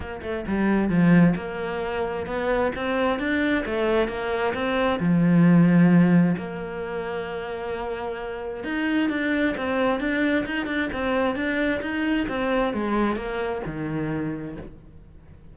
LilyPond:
\new Staff \with { instrumentName = "cello" } { \time 4/4 \tempo 4 = 132 ais8 a8 g4 f4 ais4~ | ais4 b4 c'4 d'4 | a4 ais4 c'4 f4~ | f2 ais2~ |
ais2. dis'4 | d'4 c'4 d'4 dis'8 d'8 | c'4 d'4 dis'4 c'4 | gis4 ais4 dis2 | }